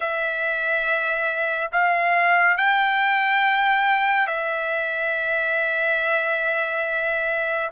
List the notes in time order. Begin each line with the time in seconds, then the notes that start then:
0.00 E5
1.71 F5
2.57 G5
4.27 E5